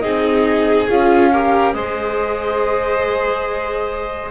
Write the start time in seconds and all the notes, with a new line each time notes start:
0.00 C4 D#4 G#4 D#5
0.89 C#4 F4 F5
1.32 G4 A#4
1.73 G#3 G#4 C5 D#5